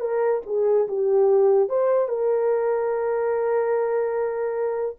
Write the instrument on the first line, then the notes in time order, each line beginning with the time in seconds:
horn
0.00 A#4
0.46 G#4
0.87 G4
1.68 C5
2.08 A#4